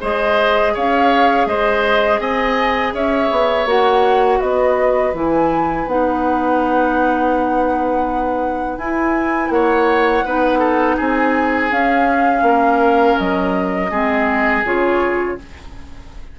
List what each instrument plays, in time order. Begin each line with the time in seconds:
0.00 bassoon G#3, clarinet G#4, oboe C5, flute D#5
0.74 bassoon C#4, oboe C#5, flute F5
1.46 bassoon G#3, oboe C5, flute D#5
2.19 bassoon C4, oboe D#5, flute G#5
2.93 bassoon C#4, oboe C#5, flute E5
3.30 bassoon B3
3.66 bassoon A#3, clarinet F#4, flute F#5
4.39 bassoon B3, oboe B4, flute D#5
5.13 bassoon E3, clarinet E4, flute G#5
5.86 bassoon B3, clarinet D#4, flute F#5
8.77 bassoon E4, clarinet E4, flute G#5
9.50 bassoon A#3, oboe C#5, flute F#5
10.25 bassoon B3, clarinet D#4, oboe B4
10.59 oboe A4
10.97 bassoon C4, oboe G#4, flute G#5
11.70 clarinet C#4, bassoon C#4, flute F5
12.42 bassoon A#3, oboe A#4
13.18 bassoon F#3, flute D#5
13.90 bassoon G#3, clarinet C4, oboe G#4
14.64 bassoon C#3, clarinet F4, flute C#5